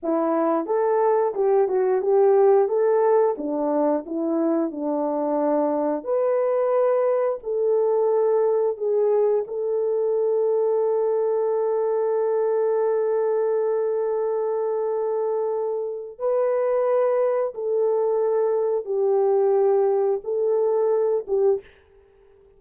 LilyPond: \new Staff \with { instrumentName = "horn" } { \time 4/4 \tempo 4 = 89 e'4 a'4 g'8 fis'8 g'4 | a'4 d'4 e'4 d'4~ | d'4 b'2 a'4~ | a'4 gis'4 a'2~ |
a'1~ | a'1 | b'2 a'2 | g'2 a'4. g'8 | }